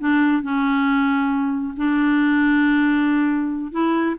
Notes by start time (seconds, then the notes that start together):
0.00 D4
0.43 C#4
1.77 D4
3.72 E4